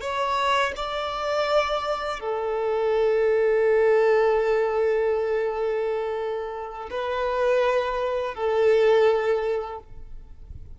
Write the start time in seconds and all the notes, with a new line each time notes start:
0.00 C#5
0.76 D5
2.19 A4
6.90 B4
8.34 A4